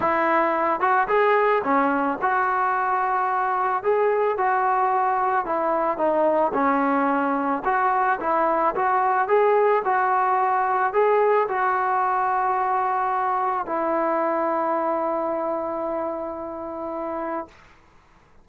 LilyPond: \new Staff \with { instrumentName = "trombone" } { \time 4/4 \tempo 4 = 110 e'4. fis'8 gis'4 cis'4 | fis'2. gis'4 | fis'2 e'4 dis'4 | cis'2 fis'4 e'4 |
fis'4 gis'4 fis'2 | gis'4 fis'2.~ | fis'4 e'2.~ | e'1 | }